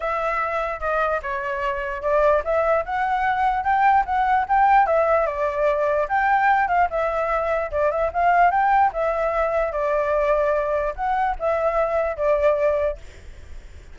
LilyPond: \new Staff \with { instrumentName = "flute" } { \time 4/4 \tempo 4 = 148 e''2 dis''4 cis''4~ | cis''4 d''4 e''4 fis''4~ | fis''4 g''4 fis''4 g''4 | e''4 d''2 g''4~ |
g''8 f''8 e''2 d''8 e''8 | f''4 g''4 e''2 | d''2. fis''4 | e''2 d''2 | }